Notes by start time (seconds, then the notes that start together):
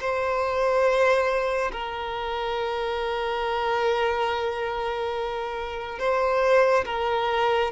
0.00 C5
1.72 A#4
5.99 C5
6.86 A#4